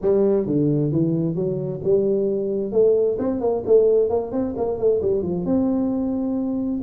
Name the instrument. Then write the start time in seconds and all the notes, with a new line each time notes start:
tuba
0.01 G3
0.46 D3
0.92 E3
1.35 F#3
1.84 G3
2.72 A3
3.19 C4
3.40 A#3
3.65 A3
4.09 A#3
4.31 C4
4.56 A#3
4.77 A3
5.01 G3
5.22 F3
5.45 C4